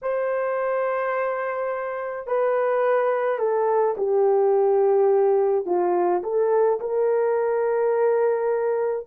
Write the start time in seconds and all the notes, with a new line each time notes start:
0.02 C5
2.26 B4
3.38 A4
3.97 G4
5.65 F4
6.23 A4
6.80 A#4